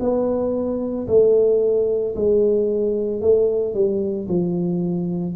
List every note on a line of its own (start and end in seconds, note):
0.00 1.07 B3
1.08 2.15 A3
2.16 3.21 G#3
3.21 3.75 A3
3.75 4.28 G3
4.29 5.36 F3